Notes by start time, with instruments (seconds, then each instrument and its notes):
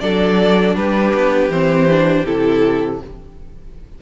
0.00 cello F#3, viola D4, violin A4 D5
0.76 cello G3, violin G4 B4
1.14 cello B3
1.49 cello E3, viola C4, violin C5
1.90 viola D4
2.25 cello C3, viola E4, violin A4